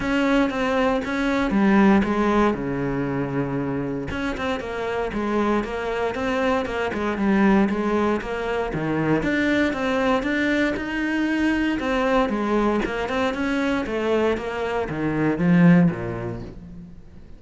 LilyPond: \new Staff \with { instrumentName = "cello" } { \time 4/4 \tempo 4 = 117 cis'4 c'4 cis'4 g4 | gis4 cis2. | cis'8 c'8 ais4 gis4 ais4 | c'4 ais8 gis8 g4 gis4 |
ais4 dis4 d'4 c'4 | d'4 dis'2 c'4 | gis4 ais8 c'8 cis'4 a4 | ais4 dis4 f4 ais,4 | }